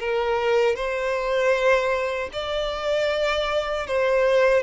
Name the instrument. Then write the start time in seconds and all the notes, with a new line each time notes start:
violin
0.00 A#4
0.76 C5
2.33 D5
3.87 C5